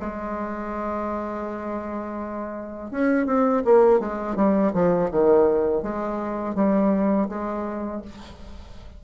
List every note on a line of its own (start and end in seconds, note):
0.00 2.91 G#3
2.91 3.26 C#4
3.26 3.63 C4
3.65 4.00 A#3
4.00 4.36 G#3
4.36 4.72 G3
4.74 5.10 F3
5.11 5.83 D#3
5.83 6.55 G#3
6.55 7.28 G3
7.28 8.02 G#3